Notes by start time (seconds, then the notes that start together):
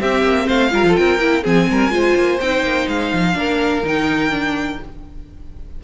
0.00 C4 G4 E5
0.22 A#3
0.46 A3 C5 F5
0.70 G3 F4 A#4
0.83 F3 A4
0.96 C4 A#4 G5
1.19 A#3 E4
1.43 F3 C4 G#4 G#5
1.70 G3 A#4
1.89 G#3 F4 C5
2.16 A#3
2.40 C4 D#4 G5
2.62 A#3
2.88 G#3 F5
3.13 F3
3.33 A#3 D4 A#4
3.83 D#3 D#4 G5
4.30 D4